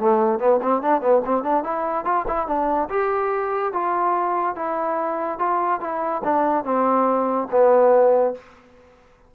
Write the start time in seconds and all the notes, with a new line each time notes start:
0.00 A3
0.40 B3
0.62 C4
0.83 D4
1.02 B3
1.26 C4
1.44 D4
1.64 E4
2.05 F4
2.28 E4
2.48 D4
2.90 G4
3.73 F4
4.56 E4
5.39 F4
5.81 E4
6.25 D4
6.65 C4
7.52 B3